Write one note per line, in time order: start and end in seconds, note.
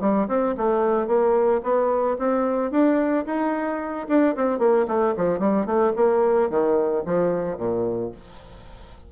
0.00 0.27 G3
0.28 0.55 C4
0.57 1.07 A3
1.07 1.61 A#3
1.63 2.17 B3
2.19 2.71 C4
2.71 3.25 D4
3.26 4.07 D#4
4.08 4.35 D4
4.36 4.59 C4
4.59 4.86 A#3
4.87 5.14 A3
5.17 5.39 F3
5.39 5.66 G3
5.66 5.93 A3
5.96 6.50 A#3
6.50 7.04 D#3
7.05 7.57 F3
7.57 8.11 A#2